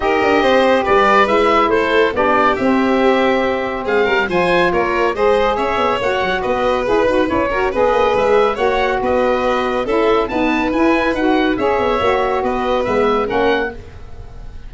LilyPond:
<<
  \new Staff \with { instrumentName = "oboe" } { \time 4/4 \tempo 4 = 140 dis''2 d''4 e''4 | c''4 d''4 e''2~ | e''4 f''4 gis''4 cis''4 | dis''4 e''4 fis''4 dis''4 |
b'4 cis''4 dis''4 e''4 | fis''4 dis''2 e''4 | a''4 gis''4 fis''4 e''4~ | e''4 dis''4 e''4 fis''4 | }
  \new Staff \with { instrumentName = "violin" } { \time 4/4 ais'4 c''4 b'2 | a'4 g'2.~ | g'4 gis'8 ais'8 c''4 ais'4 | c''4 cis''2 b'4~ |
b'4. ais'8 b'2 | cis''4 b'2 a'4 | b'2. cis''4~ | cis''4 b'2 ais'4 | }
  \new Staff \with { instrumentName = "saxophone" } { \time 4/4 g'2. e'4~ | e'4 d'4 c'2~ | c'2 f'2 | gis'2 fis'2 |
gis'8 fis'8 e'8 fis'8 gis'2 | fis'2. e'4 | b4 e'4 fis'4 gis'4 | fis'2 b4 cis'4 | }
  \new Staff \with { instrumentName = "tuba" } { \time 4/4 dis'8 d'8 c'4 g4 gis4 | a4 b4 c'2~ | c'4 gis8 g8 f4 ais4 | gis4 cis'8 b8 ais8 fis8 b4 |
e'8 dis'8 cis'4 b8 ais8 gis4 | ais4 b2 cis'4 | dis'4 e'4 dis'4 cis'8 b8 | ais4 b4 gis4 ais4 | }
>>